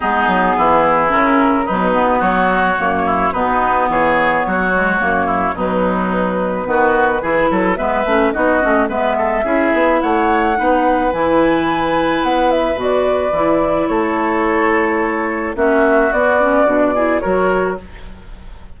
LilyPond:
<<
  \new Staff \with { instrumentName = "flute" } { \time 4/4 \tempo 4 = 108 gis'2 ais'4 b'4 | cis''2 b'4 cis''4~ | cis''2 b'2~ | b'2 e''4 dis''4 |
e''2 fis''2 | gis''2 fis''8 e''8 d''4~ | d''4 cis''2. | e''4 d''2 cis''4 | }
  \new Staff \with { instrumentName = "oboe" } { \time 4/4 dis'4 e'2 dis'4 | fis'4. e'8 dis'4 gis'4 | fis'4. e'8 dis'2 | fis'4 gis'8 a'8 b'4 fis'4 |
b'8 a'8 gis'4 cis''4 b'4~ | b'1~ | b'4 a'2. | fis'2~ fis'8 gis'8 ais'4 | }
  \new Staff \with { instrumentName = "clarinet" } { \time 4/4 b2 cis'4 fis8 b8~ | b4 ais4 b2~ | b8 gis8 ais4 fis2 | b4 e'4 b8 cis'8 dis'8 cis'8 |
b4 e'2 dis'4 | e'2. fis'4 | e'1 | cis'4 b8 cis'8 d'8 e'8 fis'4 | }
  \new Staff \with { instrumentName = "bassoon" } { \time 4/4 gis8 fis8 e4 cis4 b,4 | fis4 fis,4 b,4 e4 | fis4 fis,4 b,2 | dis4 e8 fis8 gis8 a8 b8 a8 |
gis4 cis'8 b8 a4 b4 | e2 b4 b,4 | e4 a2. | ais4 b4 b,4 fis4 | }
>>